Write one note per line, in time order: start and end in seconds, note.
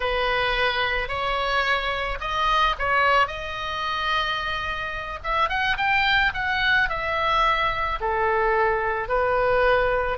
0.00 1.08 B4
1.08 2.18 C#5
2.20 2.75 D#5
2.78 3.27 C#5
3.27 5.19 D#5
5.23 5.49 E5
5.49 5.76 F#5
5.77 6.32 G5
6.34 6.89 F#5
6.89 7.99 E5
8.00 9.08 A4
9.08 10.18 B4